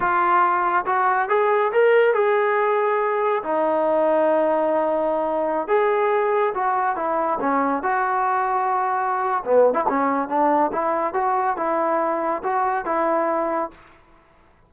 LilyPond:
\new Staff \with { instrumentName = "trombone" } { \time 4/4 \tempo 4 = 140 f'2 fis'4 gis'4 | ais'4 gis'2. | dis'1~ | dis'4~ dis'16 gis'2 fis'8.~ |
fis'16 e'4 cis'4 fis'4.~ fis'16~ | fis'2 b8. e'16 cis'4 | d'4 e'4 fis'4 e'4~ | e'4 fis'4 e'2 | }